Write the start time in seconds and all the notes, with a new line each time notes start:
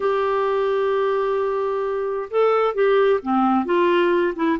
0.00 G4
2.30 A4
2.74 G4
3.22 C4
3.65 F4
4.35 E4